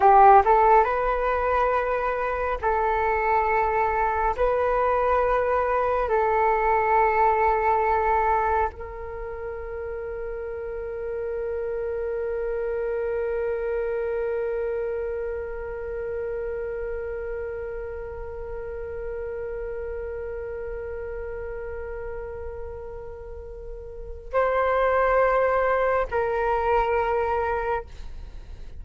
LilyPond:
\new Staff \with { instrumentName = "flute" } { \time 4/4 \tempo 4 = 69 g'8 a'8 b'2 a'4~ | a'4 b'2 a'4~ | a'2 ais'2~ | ais'1~ |
ais'1~ | ais'1~ | ais'1 | c''2 ais'2 | }